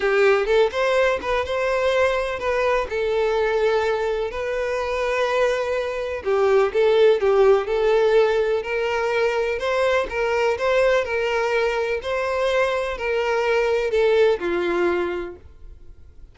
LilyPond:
\new Staff \with { instrumentName = "violin" } { \time 4/4 \tempo 4 = 125 g'4 a'8 c''4 b'8 c''4~ | c''4 b'4 a'2~ | a'4 b'2.~ | b'4 g'4 a'4 g'4 |
a'2 ais'2 | c''4 ais'4 c''4 ais'4~ | ais'4 c''2 ais'4~ | ais'4 a'4 f'2 | }